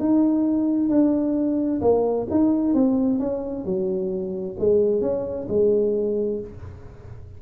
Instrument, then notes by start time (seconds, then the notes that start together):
tuba
0.00 D#4
0.90 D4
1.82 A#3
2.31 D#4
2.74 C4
3.20 C#4
3.65 F#3
4.59 G#3
5.01 C#4
5.49 G#3